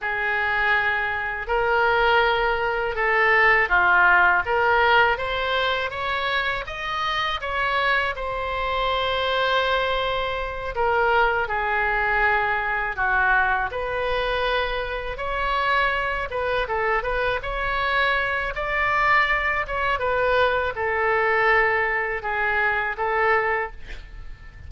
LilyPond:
\new Staff \with { instrumentName = "oboe" } { \time 4/4 \tempo 4 = 81 gis'2 ais'2 | a'4 f'4 ais'4 c''4 | cis''4 dis''4 cis''4 c''4~ | c''2~ c''8 ais'4 gis'8~ |
gis'4. fis'4 b'4.~ | b'8 cis''4. b'8 a'8 b'8 cis''8~ | cis''4 d''4. cis''8 b'4 | a'2 gis'4 a'4 | }